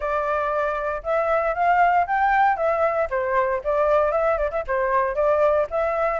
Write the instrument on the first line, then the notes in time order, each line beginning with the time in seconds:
flute
0.00 D5
1.03 E5
1.54 F5
2.06 G5
2.56 E5
3.10 C5
3.64 D5
4.11 E5
4.37 D5
4.50 E5
4.67 C5
5.15 D5
5.70 E5